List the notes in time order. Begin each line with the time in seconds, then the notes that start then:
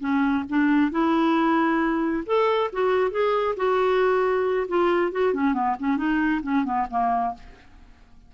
0.00 C#4
0.49 D4
0.91 E4
2.26 A4
2.72 F#4
3.11 G#4
3.57 F#4
4.68 F4
5.12 F#4
5.34 C#4
5.54 B3
5.79 C#4
5.97 D#4
6.43 C#4
6.65 B3
6.90 A#3